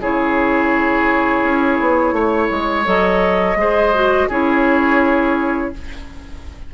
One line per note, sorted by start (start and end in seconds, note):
0.00 1.42 C#3
0.00 2.85 E4
0.00 2.15 G#4
0.00 2.86 C#5
1.42 1.78 C#4
1.81 2.12 B3
2.12 2.48 A3
2.12 3.58 C#5
2.51 2.86 G#3
2.85 3.55 F#3
2.85 3.56 A4
2.85 4.29 D#5
3.55 4.26 G#3
3.55 3.93 G#4
3.55 4.28 C5
3.94 4.29 F#4
4.28 5.73 C#4
4.28 5.73 E4
4.28 5.71 G#4
4.28 5.74 C#5